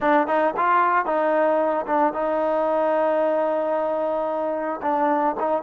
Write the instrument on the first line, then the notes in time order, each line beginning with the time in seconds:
trombone
0.00 D4
0.27 D#4
0.56 F4
1.05 D#4
1.86 D4
2.13 D#4
4.82 D4
5.39 D#4